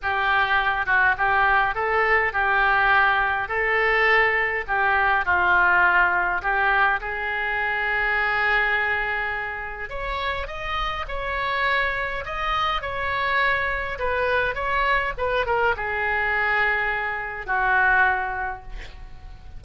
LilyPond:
\new Staff \with { instrumentName = "oboe" } { \time 4/4 \tempo 4 = 103 g'4. fis'8 g'4 a'4 | g'2 a'2 | g'4 f'2 g'4 | gis'1~ |
gis'4 cis''4 dis''4 cis''4~ | cis''4 dis''4 cis''2 | b'4 cis''4 b'8 ais'8 gis'4~ | gis'2 fis'2 | }